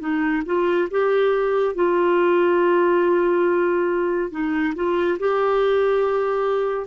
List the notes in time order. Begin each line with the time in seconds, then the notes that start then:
0.00 D#4
0.46 F4
0.91 G4
1.75 F4
4.31 D#4
4.75 F4
5.19 G4